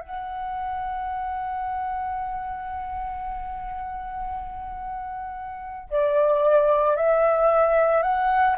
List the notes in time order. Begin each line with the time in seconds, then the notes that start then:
0.00 F#5
5.90 D5
6.96 E5
8.02 F#5